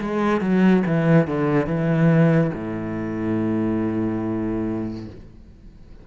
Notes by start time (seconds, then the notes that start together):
0.00 G#3
0.40 F#3
0.86 E3
1.27 D3
1.66 E3
2.53 A2